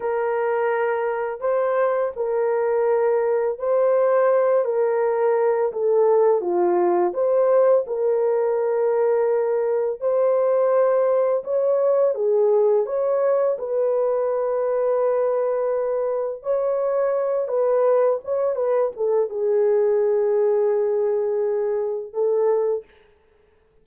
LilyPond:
\new Staff \with { instrumentName = "horn" } { \time 4/4 \tempo 4 = 84 ais'2 c''4 ais'4~ | ais'4 c''4. ais'4. | a'4 f'4 c''4 ais'4~ | ais'2 c''2 |
cis''4 gis'4 cis''4 b'4~ | b'2. cis''4~ | cis''8 b'4 cis''8 b'8 a'8 gis'4~ | gis'2. a'4 | }